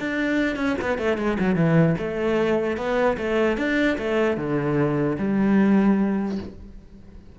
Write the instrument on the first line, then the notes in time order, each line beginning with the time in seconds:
cello
0.00 D4
0.57 C#4
0.82 B3
0.99 A3
1.18 G#3
1.40 F#3
1.56 E3
1.99 A3
2.77 B3
3.18 A3
3.58 D4
3.99 A3
4.37 D3
5.19 G3